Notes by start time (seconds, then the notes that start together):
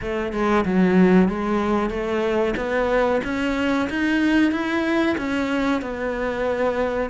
0.01 A3
0.32 G#3
0.65 F#3
1.28 G#3
1.90 A3
2.56 B3
3.24 C#4
3.89 D#4
4.51 E4
5.17 C#4
5.81 B3